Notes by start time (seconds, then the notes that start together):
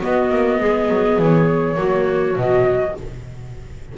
0.00 B3 F#4 D#5
0.30 A#3
0.59 G#3 G#4
0.89 F#3
1.18 E3 C#5
1.75 F#3 A#3 F#4
2.36 B2 F#3 D#5